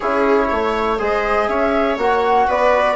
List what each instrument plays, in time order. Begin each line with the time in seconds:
0.00 bassoon C#4, trombone E4, viola G#4, flute C#5
0.49 bassoon A3, viola C#5
0.98 bassoon G#3, trombone G#4, viola C5, flute D#5
1.47 bassoon C#4, viola C#5, flute E5
1.97 bassoon A#3, trombone F#4, flute F#5
2.47 bassoon B3, viola B4, flute D5